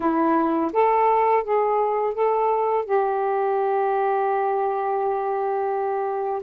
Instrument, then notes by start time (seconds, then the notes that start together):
saxophone
0.00 E4
0.72 A4
1.43 G#4
2.14 A4
2.85 G4